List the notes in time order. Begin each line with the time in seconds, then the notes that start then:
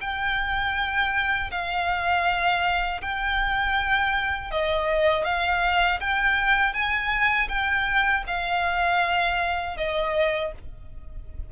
0.00 G5
1.51 F5
3.01 G5
4.51 D#5
5.24 F5
6.00 G5
6.73 G#5
7.48 G5
8.26 F5
9.77 D#5